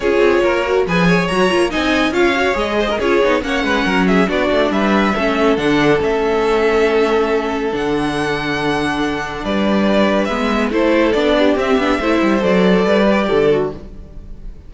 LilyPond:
<<
  \new Staff \with { instrumentName = "violin" } { \time 4/4 \tempo 4 = 140 cis''2 gis''4 ais''4 | gis''4 f''4 dis''4 cis''4 | fis''4. e''8 d''4 e''4~ | e''4 fis''4 e''2~ |
e''2 fis''2~ | fis''2 d''2 | e''4 c''4 d''4 e''4~ | e''4 d''2. | }
  \new Staff \with { instrumentName = "violin" } { \time 4/4 gis'4 ais'4 b'8 cis''4. | dis''4 cis''4. c''16 ais'16 gis'4 | cis''8 b'8 ais'8 gis'8 fis'4 b'4 | a'1~ |
a'1~ | a'2 b'2~ | b'4 a'4. g'4. | c''2 b'4 a'4 | }
  \new Staff \with { instrumentName = "viola" } { \time 4/4 f'4. fis'8 gis'4 fis'8 f'8 | dis'4 f'8 fis'8 gis'4 f'8 dis'8 | cis'2 d'2 | cis'4 d'4 cis'2~ |
cis'2 d'2~ | d'1 | b4 e'4 d'4 c'8 d'8 | e'4 a'4. g'4 fis'8 | }
  \new Staff \with { instrumentName = "cello" } { \time 4/4 cis'8 c'8 ais4 f4 fis8 ais8 | c'4 cis'4 gis4 cis'8 b8 | ais8 gis8 fis4 b8 a8 g4 | a4 d4 a2~ |
a2 d2~ | d2 g2 | gis4 a4 b4 c'8 b8 | a8 g8 fis4 g4 d4 | }
>>